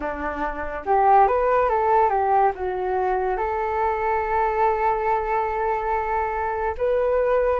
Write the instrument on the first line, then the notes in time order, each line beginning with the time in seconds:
flute
0.00 D4
0.85 G4
1.27 B4
1.69 A4
2.09 G4
2.55 F#4
3.36 A4
6.77 B4